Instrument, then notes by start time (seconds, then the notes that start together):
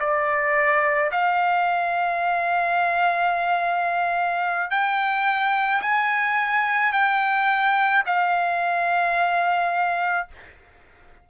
trumpet
0.00 D5
1.12 F5
4.71 G5
5.82 G#5
6.93 G5
8.06 F5